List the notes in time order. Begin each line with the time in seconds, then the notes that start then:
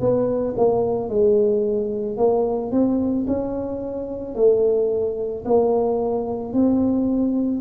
0.00 B3
0.57 A#3
1.09 G#3
2.17 A#3
2.71 C4
3.27 C#4
4.35 A3
5.45 A#3
6.53 C4